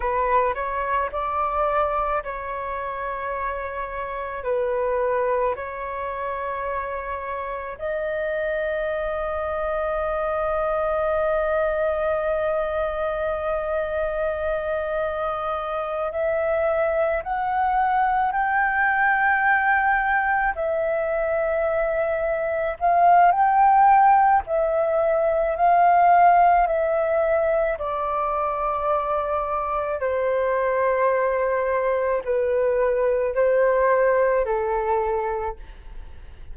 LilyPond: \new Staff \with { instrumentName = "flute" } { \time 4/4 \tempo 4 = 54 b'8 cis''8 d''4 cis''2 | b'4 cis''2 dis''4~ | dis''1~ | dis''2~ dis''8 e''4 fis''8~ |
fis''8 g''2 e''4.~ | e''8 f''8 g''4 e''4 f''4 | e''4 d''2 c''4~ | c''4 b'4 c''4 a'4 | }